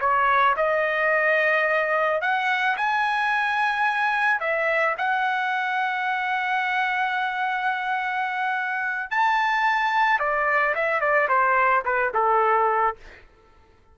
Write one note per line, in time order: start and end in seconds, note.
0.00 0.55 C#5
0.56 2.21 D#5
2.21 2.76 F#5
2.77 4.40 G#5
4.40 4.95 E5
4.97 9.10 F#5
9.11 10.19 A5
10.19 10.74 D5
10.75 11.00 E5
11.00 11.28 D5
11.28 11.83 C5
11.84 12.12 B4
12.14 12.96 A4